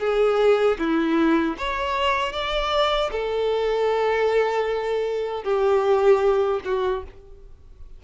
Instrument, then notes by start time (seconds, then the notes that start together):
violin
0.00 G#4
0.79 E4
1.58 C#5
2.33 D5
3.12 A4
5.44 G4
6.65 F#4